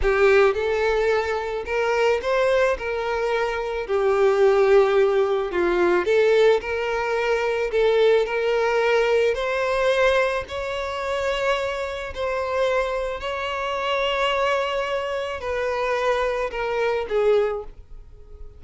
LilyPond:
\new Staff \with { instrumentName = "violin" } { \time 4/4 \tempo 4 = 109 g'4 a'2 ais'4 | c''4 ais'2 g'4~ | g'2 f'4 a'4 | ais'2 a'4 ais'4~ |
ais'4 c''2 cis''4~ | cis''2 c''2 | cis''1 | b'2 ais'4 gis'4 | }